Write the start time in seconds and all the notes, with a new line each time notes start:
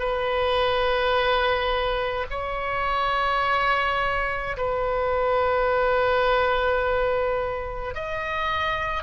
0.00 B4
2.31 C#5
4.57 B4
7.95 D#5